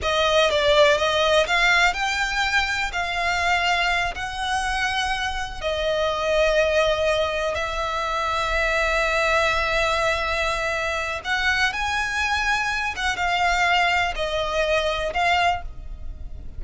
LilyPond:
\new Staff \with { instrumentName = "violin" } { \time 4/4 \tempo 4 = 123 dis''4 d''4 dis''4 f''4 | g''2 f''2~ | f''8 fis''2. dis''8~ | dis''2.~ dis''8 e''8~ |
e''1~ | e''2. fis''4 | gis''2~ gis''8 fis''8 f''4~ | f''4 dis''2 f''4 | }